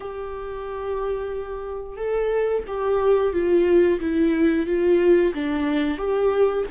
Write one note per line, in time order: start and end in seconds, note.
0.00 1.96 G4
1.96 2.63 A4
2.67 3.32 G4
3.32 3.99 F4
4.00 4.66 E4
4.66 5.33 F4
5.34 5.97 D4
5.97 6.64 G4